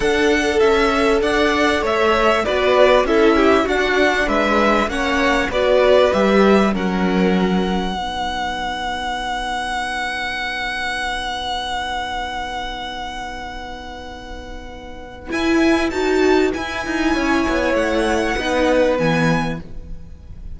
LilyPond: <<
  \new Staff \with { instrumentName = "violin" } { \time 4/4 \tempo 4 = 98 fis''4 e''4 fis''4 e''4 | d''4 e''4 fis''4 e''4 | fis''4 d''4 e''4 fis''4~ | fis''1~ |
fis''1~ | fis''1~ | fis''4 gis''4 a''4 gis''4~ | gis''4 fis''2 gis''4 | }
  \new Staff \with { instrumentName = "violin" } { \time 4/4 a'2 d''4 cis''4 | b'4 a'8 g'8 fis'4 b'4 | cis''4 b'2 ais'4~ | ais'4 b'2.~ |
b'1~ | b'1~ | b'1 | cis''2 b'2 | }
  \new Staff \with { instrumentName = "viola" } { \time 4/4 a'1 | fis'4 e'4 d'2 | cis'4 fis'4 g'4 cis'4~ | cis'4 dis'2.~ |
dis'1~ | dis'1~ | dis'4 e'4 fis'4 e'4~ | e'2 dis'4 b4 | }
  \new Staff \with { instrumentName = "cello" } { \time 4/4 d'4 cis'4 d'4 a4 | b4 cis'4 d'4 gis4 | ais4 b4 g4 fis4~ | fis4 b2.~ |
b1~ | b1~ | b4 e'4 dis'4 e'8 dis'8 | cis'8 b8 a4 b4 e4 | }
>>